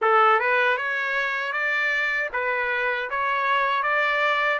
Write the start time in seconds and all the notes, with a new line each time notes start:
0.01 A4
0.39 B4
0.77 C#5
1.52 D5
2.33 B4
3.10 C#5
3.83 D5